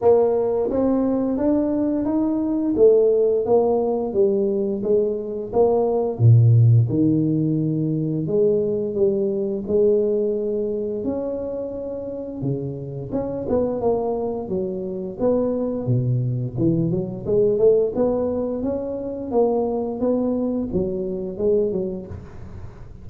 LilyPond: \new Staff \with { instrumentName = "tuba" } { \time 4/4 \tempo 4 = 87 ais4 c'4 d'4 dis'4 | a4 ais4 g4 gis4 | ais4 ais,4 dis2 | gis4 g4 gis2 |
cis'2 cis4 cis'8 b8 | ais4 fis4 b4 b,4 | e8 fis8 gis8 a8 b4 cis'4 | ais4 b4 fis4 gis8 fis8 | }